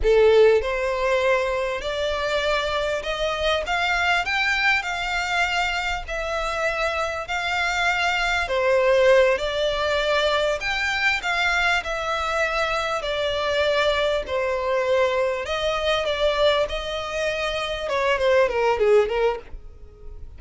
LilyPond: \new Staff \with { instrumentName = "violin" } { \time 4/4 \tempo 4 = 99 a'4 c''2 d''4~ | d''4 dis''4 f''4 g''4 | f''2 e''2 | f''2 c''4. d''8~ |
d''4. g''4 f''4 e''8~ | e''4. d''2 c''8~ | c''4. dis''4 d''4 dis''8~ | dis''4. cis''8 c''8 ais'8 gis'8 ais'8 | }